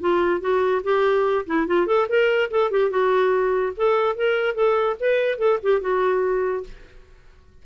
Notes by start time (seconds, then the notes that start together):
0.00 F4
0.40 F#4
0.83 G4
1.46 E4
1.67 F4
1.86 A4
2.09 A#4
2.50 A4
2.71 G4
2.90 F#4
3.76 A4
4.16 A#4
4.54 A4
5.00 B4
5.38 A4
5.63 G4
5.81 F#4